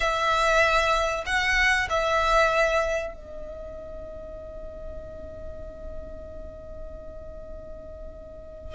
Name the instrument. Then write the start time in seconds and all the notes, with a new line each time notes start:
violin
0.00 E5
1.26 F#5
1.89 E5
3.14 D#5